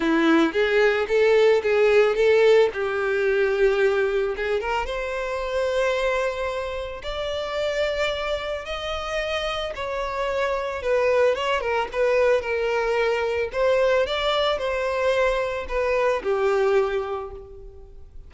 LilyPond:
\new Staff \with { instrumentName = "violin" } { \time 4/4 \tempo 4 = 111 e'4 gis'4 a'4 gis'4 | a'4 g'2. | gis'8 ais'8 c''2.~ | c''4 d''2. |
dis''2 cis''2 | b'4 cis''8 ais'8 b'4 ais'4~ | ais'4 c''4 d''4 c''4~ | c''4 b'4 g'2 | }